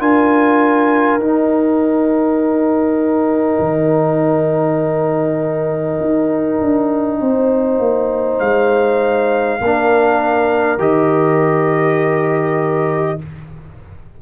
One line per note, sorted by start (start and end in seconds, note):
0.00 1.19 D4
0.00 1.20 F4
0.00 7.20 A#4
0.00 1.21 G#5
1.19 3.58 D#4
1.19 9.61 D#4
1.19 8.39 G5
3.59 5.99 D#3
6.00 6.61 D#4
6.61 7.21 D4
7.21 7.79 C4
7.21 9.61 C5
7.79 8.39 A#3
8.39 9.60 G#3
8.39 10.79 F5
9.61 10.79 A#3
9.61 10.79 D4
9.61 13.21 A#4
10.79 13.19 D#3
10.79 13.19 G4
10.79 13.21 D#5